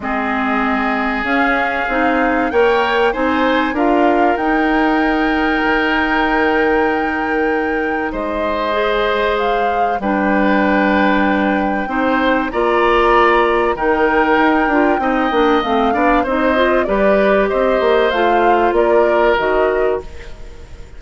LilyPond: <<
  \new Staff \with { instrumentName = "flute" } { \time 4/4 \tempo 4 = 96 dis''2 f''2 | g''4 gis''4 f''4 g''4~ | g''1~ | g''4 dis''2 f''4 |
g''1 | ais''2 g''2~ | g''4 f''4 dis''4 d''4 | dis''4 f''4 d''4 dis''4 | }
  \new Staff \with { instrumentName = "oboe" } { \time 4/4 gis'1 | cis''4 c''4 ais'2~ | ais'1~ | ais'4 c''2. |
b'2. c''4 | d''2 ais'2 | dis''4. d''8 c''4 b'4 | c''2 ais'2 | }
  \new Staff \with { instrumentName = "clarinet" } { \time 4/4 c'2 cis'4 dis'4 | ais'4 dis'4 f'4 dis'4~ | dis'1~ | dis'2 gis'2 |
d'2. dis'4 | f'2 dis'4. f'8 | dis'8 d'8 c'8 d'8 dis'8 f'8 g'4~ | g'4 f'2 fis'4 | }
  \new Staff \with { instrumentName = "bassoon" } { \time 4/4 gis2 cis'4 c'4 | ais4 c'4 d'4 dis'4~ | dis'4 dis2.~ | dis4 gis2. |
g2. c'4 | ais2 dis4 dis'8 d'8 | c'8 ais8 a8 b8 c'4 g4 | c'8 ais8 a4 ais4 dis4 | }
>>